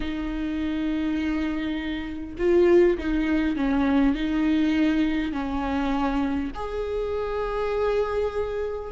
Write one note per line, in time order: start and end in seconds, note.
0.00 2.35 D#4
2.38 2.97 F4
2.98 3.56 D#4
3.56 4.14 C#4
4.14 5.32 D#4
5.32 6.51 C#4
6.55 8.91 G#4